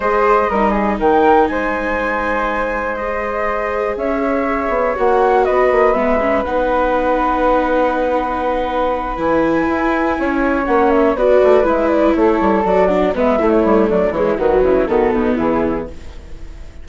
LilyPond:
<<
  \new Staff \with { instrumentName = "flute" } { \time 4/4 \tempo 4 = 121 dis''2 g''4 gis''4~ | gis''2 dis''2 | e''2 fis''4 dis''4 | e''4 fis''2.~ |
fis''2~ fis''8 gis''4.~ | gis''4. fis''8 e''8 d''4 e''8 | d''8 cis''4 d''4 e''8. cis''8. | d''8 cis''8 b'4 a'4 gis'4 | }
  \new Staff \with { instrumentName = "flute" } { \time 4/4 c''4 ais'8 gis'8 ais'4 c''4~ | c''1 | cis''2. b'4~ | b'1~ |
b'1~ | b'8 cis''2 b'4.~ | b'8 a'4. fis'8 b'8 e'4 | d'8 e'8 fis'8 e'8 fis'8 dis'8 e'4 | }
  \new Staff \with { instrumentName = "viola" } { \time 4/4 gis'4 dis'2.~ | dis'2 gis'2~ | gis'2 fis'2 | b8 cis'8 dis'2.~ |
dis'2~ dis'8 e'4.~ | e'4. cis'4 fis'4 e'8~ | e'4. fis'8 d'8 b8 a4~ | a8 gis8 fis4 b2 | }
  \new Staff \with { instrumentName = "bassoon" } { \time 4/4 gis4 g4 dis4 gis4~ | gis1 | cis'4. b8 ais4 b8 ais8 | gis4 b2.~ |
b2~ b8 e4 e'8~ | e'8 cis'4 ais4 b8 a8 gis8~ | gis8 a8 g8 fis4 gis8 a8 g8 | fis8 e8 dis8 cis8 dis8 b,8 e4 | }
>>